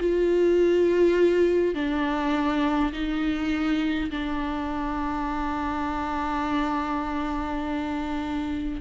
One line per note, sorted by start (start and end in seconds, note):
0.00 1.75 F4
1.75 2.92 D4
2.93 4.10 D#4
4.10 8.81 D4